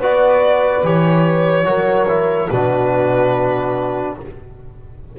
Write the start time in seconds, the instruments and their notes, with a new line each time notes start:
0.00 double bass B3, trombone F#4, horn B4, violin D5
0.84 double bass E3, trombone G4, violin C#5
1.66 double bass F#3, trombone F#4, horn A#4
2.09 trombone E4
2.50 double bass B2, trombone D4, horn F#4, violin B4